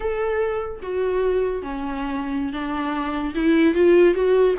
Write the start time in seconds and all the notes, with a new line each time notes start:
0.00 A4
0.82 F#4
1.62 C#4
2.52 D4
3.34 E4
3.74 F4
4.14 F#4